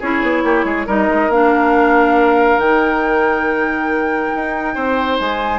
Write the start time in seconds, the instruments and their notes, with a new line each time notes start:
0.00 bassoon C#4, clarinet E4, oboe G#4, flute C#5
0.23 bassoon B3
0.44 bassoon A#3, oboe G4
0.65 bassoon G#3, oboe G#4
0.87 bassoon G3, clarinet D#4, oboe A#4, flute D#5
1.09 bassoon G#3
1.29 bassoon A#3, clarinet D4, flute F5
2.58 bassoon D#3, clarinet D#4, flute G5
4.35 bassoon D#4
4.75 bassoon C4, oboe C5
5.20 bassoon G#3, flute G#5